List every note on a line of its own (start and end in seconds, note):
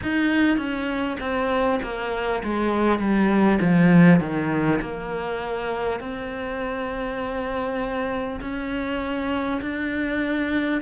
0.02 0.57 D#4
0.57 1.17 C#4
1.20 1.80 C4
1.82 2.42 A#3
2.43 2.98 G#3
2.98 3.58 G3
3.61 4.20 F3
4.20 4.80 D#3
4.81 6.00 A#3
6.00 8.40 C4
8.40 9.60 C#4
9.61 10.81 D4